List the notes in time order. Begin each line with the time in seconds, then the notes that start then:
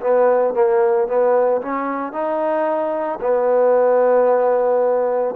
0.00 B3
0.54 A#3
1.07 B3
1.61 C#4
2.12 D#4
3.20 B3